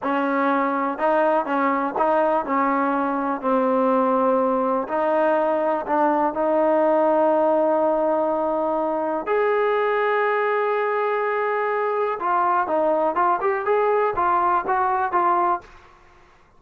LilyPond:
\new Staff \with { instrumentName = "trombone" } { \time 4/4 \tempo 4 = 123 cis'2 dis'4 cis'4 | dis'4 cis'2 c'4~ | c'2 dis'2 | d'4 dis'2.~ |
dis'2. gis'4~ | gis'1~ | gis'4 f'4 dis'4 f'8 g'8 | gis'4 f'4 fis'4 f'4 | }